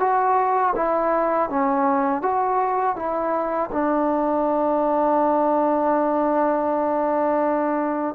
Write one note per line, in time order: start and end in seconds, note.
0.00 0.74 F#4
0.76 1.50 E4
1.50 2.22 C#4
2.22 2.96 F#4
2.96 3.70 E4
3.72 8.15 D4